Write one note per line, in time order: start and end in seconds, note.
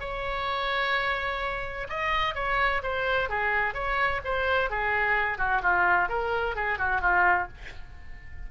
0.00 1.87 C#5
1.89 2.35 D#5
2.35 2.82 C#5
2.83 3.29 C5
3.29 3.74 G#4
3.74 4.21 C#5
4.24 4.70 C5
4.70 5.38 G#4
5.38 5.61 F#4
5.62 6.09 F4
6.09 6.55 A#4
6.55 6.78 G#4
6.78 7.01 F#4
7.01 7.48 F4